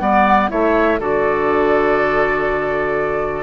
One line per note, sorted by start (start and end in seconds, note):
0.00 0.50 G3
0.00 0.49 B3
0.00 0.51 D5
0.00 0.49 F#5
0.49 0.99 A3
0.49 0.99 E4
0.49 1.00 C#5
0.49 1.01 E5
0.99 3.43 D3
0.99 3.43 F#4
0.99 3.43 A4
0.99 3.43 D5